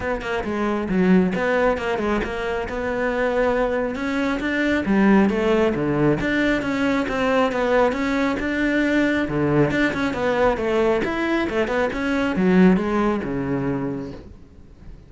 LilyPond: \new Staff \with { instrumentName = "cello" } { \time 4/4 \tempo 4 = 136 b8 ais8 gis4 fis4 b4 | ais8 gis8 ais4 b2~ | b4 cis'4 d'4 g4 | a4 d4 d'4 cis'4 |
c'4 b4 cis'4 d'4~ | d'4 d4 d'8 cis'8 b4 | a4 e'4 a8 b8 cis'4 | fis4 gis4 cis2 | }